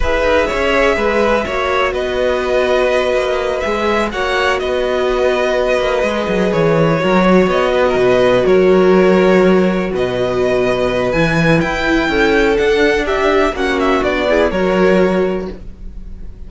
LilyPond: <<
  \new Staff \with { instrumentName = "violin" } { \time 4/4 \tempo 4 = 124 e''1 | dis''2.~ dis''8 e''8~ | e''8 fis''4 dis''2~ dis''8~ | dis''4. cis''2 dis''8~ |
dis''4. cis''2~ cis''8~ | cis''8 dis''2~ dis''8 gis''4 | g''2 fis''4 e''4 | fis''8 e''8 d''4 cis''2 | }
  \new Staff \with { instrumentName = "violin" } { \time 4/4 b'4 cis''4 b'4 cis''4 | b'1~ | b'8 cis''4 b'2~ b'8~ | b'2~ b'8 ais'8 cis''4 |
b'16 ais'16 b'4 ais'2~ ais'8~ | ais'8 b'2.~ b'8~ | b'4 a'2 g'4 | fis'4. gis'8 ais'2 | }
  \new Staff \with { instrumentName = "viola" } { \time 4/4 gis'2. fis'4~ | fis'2.~ fis'8 gis'8~ | gis'8 fis'2.~ fis'8~ | fis'8 gis'2 fis'4.~ |
fis'1~ | fis'2. e'4~ | e'2 d'2 | cis'4 d'8 e'8 fis'2 | }
  \new Staff \with { instrumentName = "cello" } { \time 4/4 e'8 dis'8 cis'4 gis4 ais4 | b2~ b8 ais4 gis8~ | gis8 ais4 b2~ b8 | ais8 gis8 fis8 e4 fis4 b8~ |
b8 b,4 fis2~ fis8~ | fis8 b,2~ b,8 e4 | e'4 cis'4 d'2 | ais4 b4 fis2 | }
>>